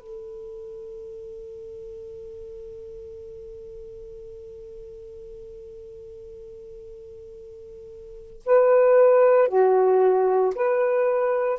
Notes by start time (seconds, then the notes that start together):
0.00 A4
8.46 B4
9.48 F#4
10.56 B4